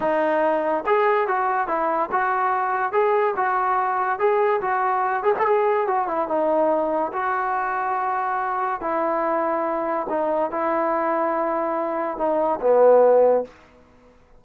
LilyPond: \new Staff \with { instrumentName = "trombone" } { \time 4/4 \tempo 4 = 143 dis'2 gis'4 fis'4 | e'4 fis'2 gis'4 | fis'2 gis'4 fis'4~ | fis'8 gis'16 a'16 gis'4 fis'8 e'8 dis'4~ |
dis'4 fis'2.~ | fis'4 e'2. | dis'4 e'2.~ | e'4 dis'4 b2 | }